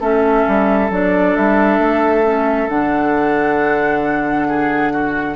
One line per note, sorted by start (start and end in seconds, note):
0.00 0.45 A3
0.00 0.90 C#4
0.00 4.48 A4
0.00 0.92 E5
0.48 0.90 G3
0.90 1.35 F#3
0.90 2.24 D4
0.90 1.36 D5
1.36 1.79 G3
1.36 2.69 E5
1.79 2.68 A3
2.24 2.69 C#4
2.69 5.36 D3
2.69 5.36 D4
2.69 5.36 F#5
4.48 4.93 G#4
4.94 5.36 F#4